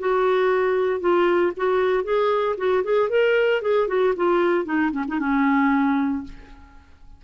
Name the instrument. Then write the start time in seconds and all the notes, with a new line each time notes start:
clarinet
0.00 F#4
1.01 F4
1.57 F#4
2.04 G#4
2.58 F#4
2.84 G#4
3.10 A#4
3.62 G#4
3.88 F#4
4.17 F4
4.65 D#4
4.92 C#4
5.08 D#4
5.20 C#4